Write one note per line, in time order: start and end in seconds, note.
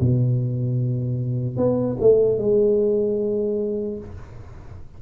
0.00 1.56 B2
1.56 1.96 B3
2.00 2.38 A3
2.38 3.98 G#3